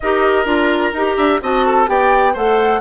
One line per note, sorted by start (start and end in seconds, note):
0.00 0.45 D#4
0.00 0.45 G4
0.00 1.16 A#4
0.00 0.46 D#5
0.45 0.92 D4
0.45 0.92 F4
0.45 1.41 A#5
0.92 1.16 D#4
0.92 1.42 G4
1.16 1.40 D4
1.16 1.40 E5
1.42 1.88 C4
1.42 1.86 F#4
1.42 1.66 D#5
1.42 1.88 A5
1.66 1.89 A4
1.86 2.35 B3
1.86 2.33 G4
1.86 2.33 D5
1.86 2.35 G5
2.33 2.81 A3
2.33 2.81 A4
2.33 2.80 C5
2.33 2.81 F#5